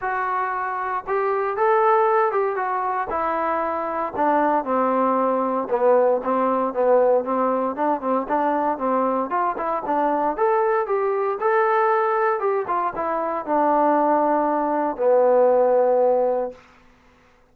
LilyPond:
\new Staff \with { instrumentName = "trombone" } { \time 4/4 \tempo 4 = 116 fis'2 g'4 a'4~ | a'8 g'8 fis'4 e'2 | d'4 c'2 b4 | c'4 b4 c'4 d'8 c'8 |
d'4 c'4 f'8 e'8 d'4 | a'4 g'4 a'2 | g'8 f'8 e'4 d'2~ | d'4 b2. | }